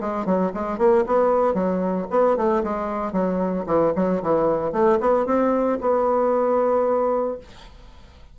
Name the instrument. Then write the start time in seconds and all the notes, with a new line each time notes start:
bassoon
0.00 G#3
0.25 F#3
0.54 G#3
0.78 A#3
1.06 B3
1.54 F#3
2.10 B3
2.36 A3
2.63 G#3
3.12 F#3
3.66 E3
3.95 F#3
4.22 E3
4.72 A3
5.00 B3
5.26 C4
5.80 B3